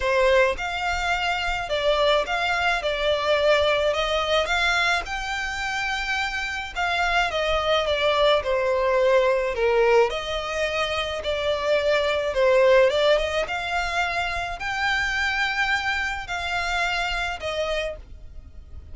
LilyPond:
\new Staff \with { instrumentName = "violin" } { \time 4/4 \tempo 4 = 107 c''4 f''2 d''4 | f''4 d''2 dis''4 | f''4 g''2. | f''4 dis''4 d''4 c''4~ |
c''4 ais'4 dis''2 | d''2 c''4 d''8 dis''8 | f''2 g''2~ | g''4 f''2 dis''4 | }